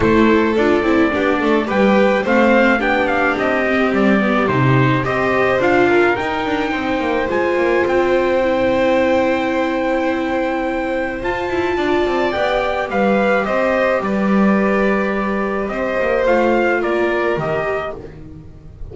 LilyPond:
<<
  \new Staff \with { instrumentName = "trumpet" } { \time 4/4 \tempo 4 = 107 c''4 d''2 g''4 | f''4 g''8 f''8 dis''4 d''4 | c''4 dis''4 f''4 g''4~ | g''4 gis''4 g''2~ |
g''1 | a''2 g''4 f''4 | dis''4 d''2. | dis''4 f''4 d''4 dis''4 | }
  \new Staff \with { instrumentName = "violin" } { \time 4/4 a'2 g'8 a'8 b'4 | c''4 g'2.~ | g'4 c''4. ais'4. | c''1~ |
c''1~ | c''4 d''2 b'4 | c''4 b'2. | c''2 ais'2 | }
  \new Staff \with { instrumentName = "viola" } { \time 4/4 e'4 f'8 e'8 d'4 g'4 | c'4 d'4. c'4 b8 | dis'4 g'4 f'4 dis'4~ | dis'4 f'2 e'4~ |
e'1 | f'2 g'2~ | g'1~ | g'4 f'2 g'4 | }
  \new Staff \with { instrumentName = "double bass" } { \time 4/4 a4 d'8 c'8 b8 a8 g4 | a4 b4 c'4 g4 | c4 c'4 d'4 dis'8 d'8 | c'8 ais8 gis8 ais8 c'2~ |
c'1 | f'8 e'8 d'8 c'8 b4 g4 | c'4 g2. | c'8 ais8 a4 ais4 dis4 | }
>>